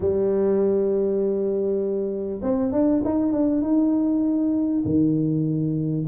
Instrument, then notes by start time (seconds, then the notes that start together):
tuba
0.00 G3
2.42 C4
2.71 D4
3.04 D#4
3.32 D4
3.61 D#4
4.84 D#3